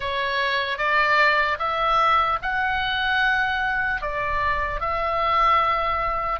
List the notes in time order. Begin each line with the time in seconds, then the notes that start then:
0.00 C#5
0.78 D5
1.58 E5
2.42 F#5
4.01 D5
4.80 E5